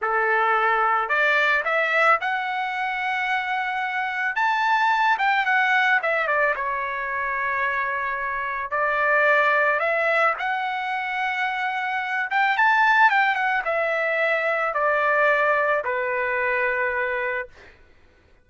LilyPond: \new Staff \with { instrumentName = "trumpet" } { \time 4/4 \tempo 4 = 110 a'2 d''4 e''4 | fis''1 | a''4. g''8 fis''4 e''8 d''8 | cis''1 |
d''2 e''4 fis''4~ | fis''2~ fis''8 g''8 a''4 | g''8 fis''8 e''2 d''4~ | d''4 b'2. | }